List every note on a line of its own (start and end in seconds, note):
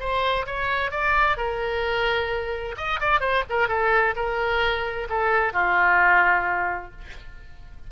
0.00 0.46 C5
0.46 0.91 C#5
0.91 1.37 D5
1.37 2.75 A#4
2.77 3.00 D#5
3.01 3.21 D5
3.21 3.44 C5
3.50 3.68 A#4
3.68 4.15 A4
4.16 5.08 A#4
5.10 5.53 A4
5.53 6.92 F4